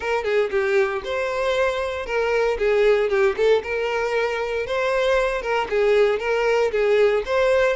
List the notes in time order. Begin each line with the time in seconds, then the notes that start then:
0.00 A#4
0.24 G#4
0.50 G4
1.04 C5
2.05 A#4
2.58 G#4
3.09 G4
3.36 A4
3.63 A#4
4.66 C5
5.41 A#4
5.69 G#4
6.19 A#4
6.71 G#4
7.25 C5